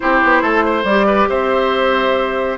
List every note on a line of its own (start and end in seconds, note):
0.00 0.23 C4
0.00 0.83 E4
0.00 0.42 G4
0.00 0.85 C5
0.23 0.41 B3
0.41 0.83 A3
0.41 0.64 A4
0.65 1.06 C5
0.83 1.26 G3
0.83 1.28 D5
0.90 2.58 G4
1.06 1.28 B4
1.28 2.58 C4
1.28 2.58 C5
1.28 2.58 E5